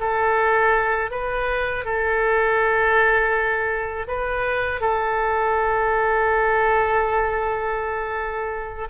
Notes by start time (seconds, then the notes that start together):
0.00 A4
1.11 B4
1.85 A4
4.07 B4
4.81 A4